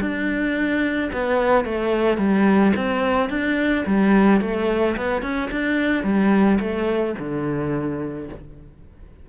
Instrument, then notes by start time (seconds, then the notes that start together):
cello
0.00 D4
1.12 B3
1.64 A3
2.17 G3
2.75 C4
3.29 D4
3.85 G3
4.40 A3
4.97 B3
5.22 C#4
5.51 D4
6.03 G3
6.60 A3
7.18 D3